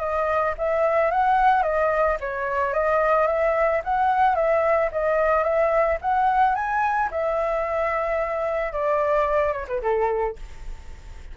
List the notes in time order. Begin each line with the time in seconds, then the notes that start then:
0.00 D#5
0.58 E5
1.11 F#5
1.63 D#5
2.20 C#5
2.73 D#5
3.28 E5
3.85 F#5
4.36 E5
4.92 D#5
5.43 E5
6.02 F#5
6.55 G#5
7.11 E5
8.73 D5
9.53 C#5
9.68 B4
9.82 A4